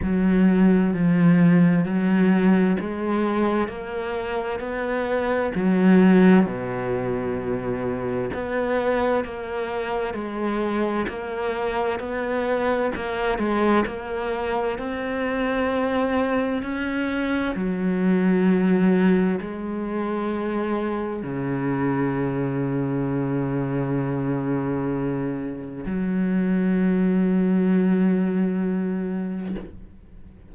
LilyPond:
\new Staff \with { instrumentName = "cello" } { \time 4/4 \tempo 4 = 65 fis4 f4 fis4 gis4 | ais4 b4 fis4 b,4~ | b,4 b4 ais4 gis4 | ais4 b4 ais8 gis8 ais4 |
c'2 cis'4 fis4~ | fis4 gis2 cis4~ | cis1 | fis1 | }